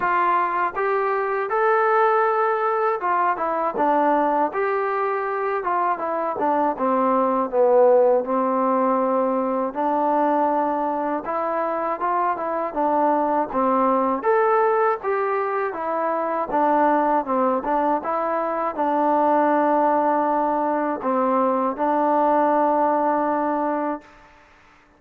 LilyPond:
\new Staff \with { instrumentName = "trombone" } { \time 4/4 \tempo 4 = 80 f'4 g'4 a'2 | f'8 e'8 d'4 g'4. f'8 | e'8 d'8 c'4 b4 c'4~ | c'4 d'2 e'4 |
f'8 e'8 d'4 c'4 a'4 | g'4 e'4 d'4 c'8 d'8 | e'4 d'2. | c'4 d'2. | }